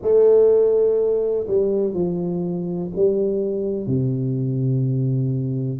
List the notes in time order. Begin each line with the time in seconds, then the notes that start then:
0.01 A3
1.47 G3
1.93 F3
2.95 G3
3.87 C3